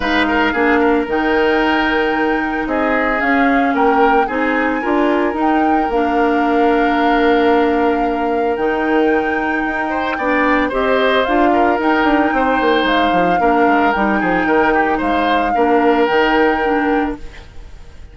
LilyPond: <<
  \new Staff \with { instrumentName = "flute" } { \time 4/4 \tempo 4 = 112 f''2 g''2~ | g''4 dis''4 f''4 g''4 | gis''2 g''4 f''4~ | f''1 |
g''1 | dis''4 f''4 g''2 | f''2 g''2 | f''2 g''2 | }
  \new Staff \with { instrumentName = "oboe" } { \time 4/4 b'8 ais'8 gis'8 ais'2~ ais'8~ | ais'4 gis'2 ais'4 | gis'4 ais'2.~ | ais'1~ |
ais'2~ ais'8 c''8 d''4 | c''4. ais'4. c''4~ | c''4 ais'4. gis'8 ais'8 g'8 | c''4 ais'2. | }
  \new Staff \with { instrumentName = "clarinet" } { \time 4/4 dis'4 d'4 dis'2~ | dis'2 cis'2 | dis'4 f'4 dis'4 d'4~ | d'1 |
dis'2. d'4 | g'4 f'4 dis'2~ | dis'4 d'4 dis'2~ | dis'4 d'4 dis'4 d'4 | }
  \new Staff \with { instrumentName = "bassoon" } { \time 4/4 gis4 ais4 dis2~ | dis4 c'4 cis'4 ais4 | c'4 d'4 dis'4 ais4~ | ais1 |
dis2 dis'4 b4 | c'4 d'4 dis'8 d'8 c'8 ais8 | gis8 f8 ais8 gis8 g8 f8 dis4 | gis4 ais4 dis2 | }
>>